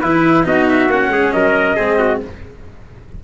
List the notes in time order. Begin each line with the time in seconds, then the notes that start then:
0.00 E3 E4 B4
0.44 B3 D#4 F#4 D#5
0.69 E5
0.88 A#3 C#4 F#5
1.08 G#3 G#4
1.33 F#3 A#4 D#5
1.76 G#3 C4 G#4
1.99 F#4